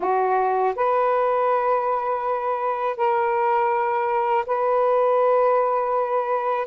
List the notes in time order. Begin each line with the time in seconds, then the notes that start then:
0.00 F#4
0.75 B4
2.96 A#4
4.46 B4